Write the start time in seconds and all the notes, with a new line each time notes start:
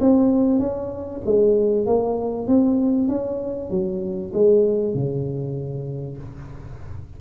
0.00 C4
0.59 C#4
1.25 G#3
1.86 A#3
2.47 C4
3.08 C#4
3.70 F#3
4.33 G#3
4.94 C#3